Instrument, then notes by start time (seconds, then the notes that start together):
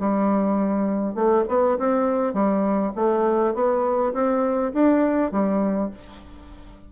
bassoon
0.00 G3
1.15 A3
1.49 B3
1.79 C4
2.34 G3
2.96 A3
3.55 B3
4.14 C4
4.74 D4
5.32 G3